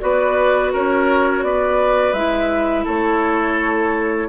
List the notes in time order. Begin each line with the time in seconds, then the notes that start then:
0.00 B3 F#4 B4 D5
0.73 C#4 A#4 C#5
1.42 B3 B4 D5
2.13 G#3 E4 E5
2.85 A3 A4 C#5